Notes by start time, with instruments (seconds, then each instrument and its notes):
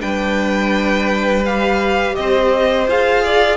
0.00 cello G3, viola D4, violin B4 G5
1.45 viola G4, violin F5
2.15 cello C4, violin C5 D#5
2.87 cello F4, viola G#4, violin F5
3.24 violin D5